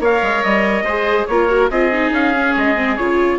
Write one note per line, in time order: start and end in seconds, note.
0.00 0.21 A#3
0.00 0.86 A#4
0.00 0.85 C#5
0.00 0.44 F5
0.22 0.43 G#3
0.44 0.83 G3
0.44 1.27 D#5
0.83 1.25 G#3
0.83 1.31 G#4
0.83 1.27 C5
1.27 1.71 A#3
1.27 1.49 F4
1.27 1.71 A#4
1.27 1.69 C#5
1.49 1.70 F#4
1.71 2.11 C4
1.71 1.93 F4
1.71 3.39 G#4
1.71 2.13 D#5
1.93 2.34 D#4
2.11 2.54 C#4
2.11 2.56 F5
2.34 2.76 C#4
2.57 2.99 G#3
2.57 2.97 D#5
2.76 2.97 C4
2.97 3.39 C#3
2.97 3.39 F4
2.97 3.39 C#5